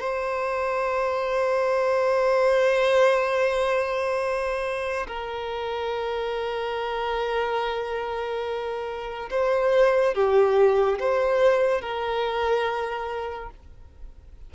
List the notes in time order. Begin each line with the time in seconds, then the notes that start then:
0.00 C5
5.07 A#4
9.30 C5
10.15 G4
10.99 C5
11.82 A#4